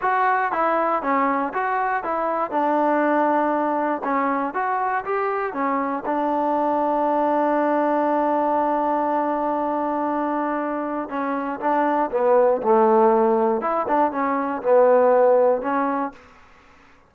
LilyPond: \new Staff \with { instrumentName = "trombone" } { \time 4/4 \tempo 4 = 119 fis'4 e'4 cis'4 fis'4 | e'4 d'2. | cis'4 fis'4 g'4 cis'4 | d'1~ |
d'1~ | d'2 cis'4 d'4 | b4 a2 e'8 d'8 | cis'4 b2 cis'4 | }